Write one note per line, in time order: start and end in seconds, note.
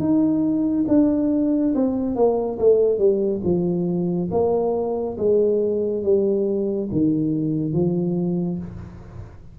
0.00 0.86 D#4
0.88 1.74 D4
1.75 2.16 C4
2.16 2.59 A#3
2.59 2.98 A3
2.98 3.41 G3
3.44 4.30 F3
4.31 5.17 A#3
5.18 6.03 G#3
6.03 6.89 G3
6.92 7.73 D#3
7.73 8.59 F3